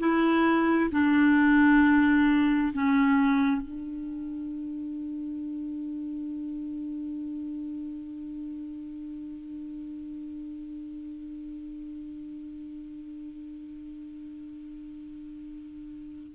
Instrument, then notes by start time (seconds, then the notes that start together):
clarinet
0.00 E4
0.92 D4
2.74 C#4
3.62 D4